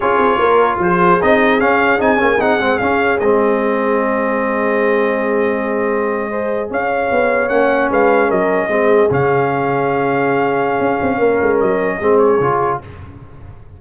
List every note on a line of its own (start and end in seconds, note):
0.00 0.18 C#4
0.00 1.20 F4
0.00 0.39 G#4
0.00 0.79 C#5
0.18 0.38 C4
0.38 0.78 A#3
0.38 0.80 A#4
0.78 1.18 F3
0.78 6.29 G#4
0.78 1.22 C5
1.20 1.62 C4
1.20 1.60 D#4
1.20 1.60 D#5
1.60 1.99 C#4
1.60 2.00 C#4
1.60 2.00 F5
1.99 2.20 C4
1.99 2.17 D#4
1.99 2.41 G#5
2.17 2.40 A#3
2.17 2.37 C#4
2.40 2.60 C4
2.40 2.60 D#4
2.40 2.78 F#5
2.60 2.80 G#3
2.60 2.79 C4
2.78 3.19 C#4
2.78 3.20 C#4
2.78 3.18 F5
3.19 6.70 G#3
3.19 6.31 C4
3.19 6.69 D#5
6.29 7.49 G#4
6.29 6.69 C5
6.70 7.10 C#4
6.70 7.90 C#5
6.70 7.49 F5
7.11 7.50 B3
7.49 7.90 A#3
7.49 8.69 C#4
7.49 7.89 F#5
7.91 8.30 G#3
7.91 8.28 B4
7.91 8.30 F5
8.28 8.68 F#3
8.28 8.68 A#4
8.28 9.10 D#5
8.68 9.08 G#3
8.68 9.09 C4
8.68 11.18 G#4
9.10 10.79 C#3
9.10 12.01 C#4
9.10 11.60 F5
10.79 10.99 C#4
11.01 11.18 C4
11.18 11.38 A#3
11.18 11.98 A#4
11.41 11.61 G#3
11.60 12.00 F#3
11.60 12.18 D#5
12.00 12.39 G#3
12.00 12.41 C4
12.00 12.80 G#4
12.18 12.78 C#5
12.39 12.79 C#3
12.39 12.81 F4